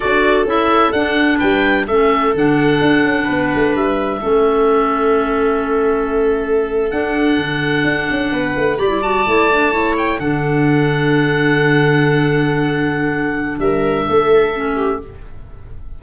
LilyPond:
<<
  \new Staff \with { instrumentName = "oboe" } { \time 4/4 \tempo 4 = 128 d''4 e''4 fis''4 g''4 | e''4 fis''2. | e''1~ | e''2~ e''8. fis''4~ fis''16~ |
fis''2~ fis''8. b''8 a''8.~ | a''4~ a''16 g''8 fis''2~ fis''16~ | fis''1~ | fis''4 e''2. | }
  \new Staff \with { instrumentName = "viola" } { \time 4/4 a'2. b'4 | a'2. b'4~ | b'4 a'2.~ | a'1~ |
a'4.~ a'16 b'4 d''4~ d''16~ | d''8. cis''4 a'2~ a'16~ | a'1~ | a'4 ais'4 a'4. g'8 | }
  \new Staff \with { instrumentName = "clarinet" } { \time 4/4 fis'4 e'4 d'2 | cis'4 d'2.~ | d'4 cis'2.~ | cis'2~ cis'8. d'4~ d'16~ |
d'2~ d'8. g'16 e'16 fis'8 e'16~ | e'16 d'8 e'4 d'2~ d'16~ | d'1~ | d'2. cis'4 | }
  \new Staff \with { instrumentName = "tuba" } { \time 4/4 d'4 cis'4 d'4 g4 | a4 d4 d'8 cis'8 b8 a8 | g4 a2.~ | a2~ a8. d'4 d16~ |
d8. d'8 cis'8 b8 a8 g4 a16~ | a4.~ a16 d2~ d16~ | d1~ | d4 g4 a2 | }
>>